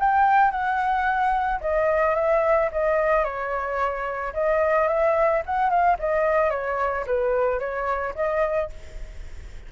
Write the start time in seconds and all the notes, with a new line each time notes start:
0.00 G5
0.51 F#5
1.61 D#5
2.15 E5
2.72 D#5
3.25 C#5
4.34 D#5
4.88 E5
5.46 F#5
5.70 F5
5.99 D#5
6.51 C#5
7.07 B4
7.60 C#5
8.15 D#5